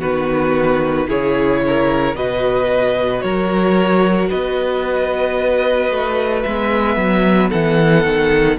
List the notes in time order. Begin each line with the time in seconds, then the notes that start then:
0.00 D#3 B3 F#4 B4
1.08 C#3 E4 G#4 C#5
1.67 A#4
2.16 B2 F#4 B4 D#5
3.21 F#3 A#4 C#5
4.29 B3 B4 D#5
5.91 A3
6.43 G#3 B3 E5
6.97 F#3
7.50 E3 A4 F#5
8.05 D#3